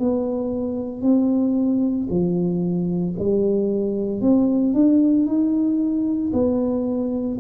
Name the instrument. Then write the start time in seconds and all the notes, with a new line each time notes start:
tuba
0.00 B3
1.02 C4
2.10 F3
3.19 G3
4.22 C4
4.74 D4
5.26 D#4
6.33 B3